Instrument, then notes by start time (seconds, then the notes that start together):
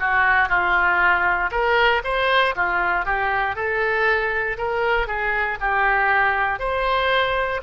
oboe
0.00 F#4
0.49 F4
1.52 A#4
2.04 C5
2.56 F4
3.06 G4
3.56 A4
4.58 A#4
5.08 G#4
5.61 G4
6.60 C5